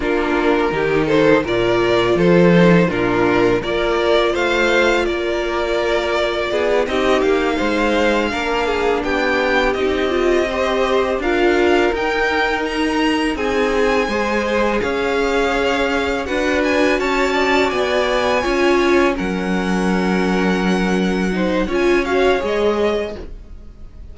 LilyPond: <<
  \new Staff \with { instrumentName = "violin" } { \time 4/4 \tempo 4 = 83 ais'4. c''8 d''4 c''4 | ais'4 d''4 f''4 d''4~ | d''4. dis''8 f''2~ | f''8 g''4 dis''2 f''8~ |
f''8 g''4 ais''4 gis''4.~ | gis''8 f''2 fis''8 gis''8 a''8~ | a''8 gis''2 fis''4.~ | fis''2 gis''8 f''8 dis''4 | }
  \new Staff \with { instrumentName = "violin" } { \time 4/4 f'4 g'8 a'8 ais'4 a'4 | f'4 ais'4 c''4 ais'4~ | ais'4 gis'8 g'4 c''4 ais'8 | gis'8 g'2 c''4 ais'8~ |
ais'2~ ais'8 gis'4 c''8~ | c''8 cis''2 b'4 cis''8 | d''4. cis''4 ais'4.~ | ais'4. c''8 cis''2 | }
  \new Staff \with { instrumentName = "viola" } { \time 4/4 d'4 dis'4 f'4. dis'8 | d'4 f'2.~ | f'4. dis'2 d'8~ | d'4. dis'8 f'8 g'4 f'8~ |
f'8 dis'2. gis'8~ | gis'2~ gis'8 fis'4.~ | fis'4. f'4 cis'4.~ | cis'4. dis'8 f'8 fis'8 gis'4 | }
  \new Staff \with { instrumentName = "cello" } { \time 4/4 ais4 dis4 ais,4 f4 | ais,4 ais4 a4 ais4~ | ais4 b8 c'8 ais8 gis4 ais8~ | ais8 b4 c'2 d'8~ |
d'8 dis'2 c'4 gis8~ | gis8 cis'2 d'4 cis'8~ | cis'8 b4 cis'4 fis4.~ | fis2 cis'4 gis4 | }
>>